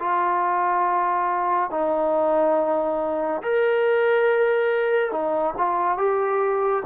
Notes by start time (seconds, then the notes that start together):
0.00 F4
1.71 D#4
3.43 A#4
5.12 D#4
5.58 F4
5.98 G4